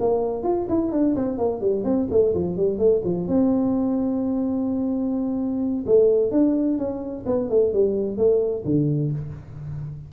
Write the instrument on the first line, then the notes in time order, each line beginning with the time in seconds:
tuba
0.00 A#3
0.43 F4
0.69 E4
0.91 D4
1.15 C4
1.38 A#3
1.61 G3
1.84 C4
2.10 A3
2.34 F3
2.57 G3
2.78 A3
3.04 F3
3.27 C4
5.86 A3
6.31 D4
6.78 C#4
7.26 B3
7.49 A3
7.73 G3
8.17 A3
8.65 D3